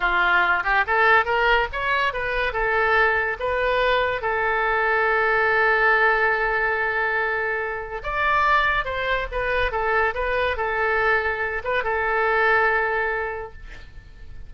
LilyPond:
\new Staff \with { instrumentName = "oboe" } { \time 4/4 \tempo 4 = 142 f'4. g'8 a'4 ais'4 | cis''4 b'4 a'2 | b'2 a'2~ | a'1~ |
a'2. d''4~ | d''4 c''4 b'4 a'4 | b'4 a'2~ a'8 b'8 | a'1 | }